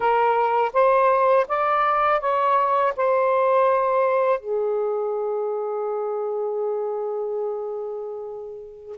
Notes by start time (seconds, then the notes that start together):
0.00 A#4
0.73 C5
1.48 D5
2.20 C#5
2.96 C5
4.39 G#4